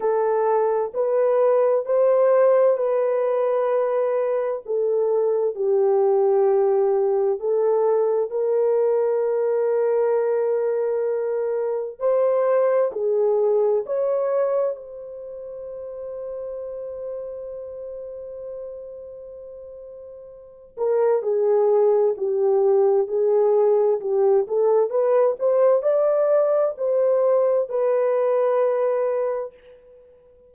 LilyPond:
\new Staff \with { instrumentName = "horn" } { \time 4/4 \tempo 4 = 65 a'4 b'4 c''4 b'4~ | b'4 a'4 g'2 | a'4 ais'2.~ | ais'4 c''4 gis'4 cis''4 |
c''1~ | c''2~ c''8 ais'8 gis'4 | g'4 gis'4 g'8 a'8 b'8 c''8 | d''4 c''4 b'2 | }